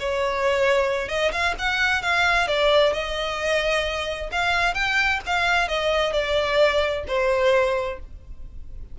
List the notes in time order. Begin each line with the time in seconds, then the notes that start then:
0.00 C#5
1.08 D#5
1.32 F5
1.59 F#5
2.02 F5
2.48 D5
2.93 D#5
4.32 F5
4.74 G5
5.26 F5
5.68 D#5
6.13 D5
7.07 C5